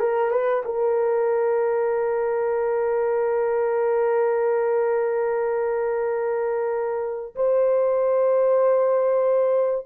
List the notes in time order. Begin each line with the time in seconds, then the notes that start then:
0.00 A#4
0.31 B4
0.65 A#4
7.36 C5